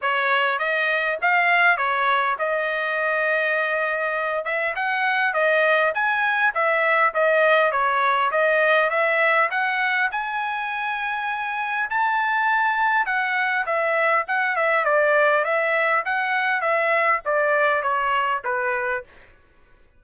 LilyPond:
\new Staff \with { instrumentName = "trumpet" } { \time 4/4 \tempo 4 = 101 cis''4 dis''4 f''4 cis''4 | dis''2.~ dis''8 e''8 | fis''4 dis''4 gis''4 e''4 | dis''4 cis''4 dis''4 e''4 |
fis''4 gis''2. | a''2 fis''4 e''4 | fis''8 e''8 d''4 e''4 fis''4 | e''4 d''4 cis''4 b'4 | }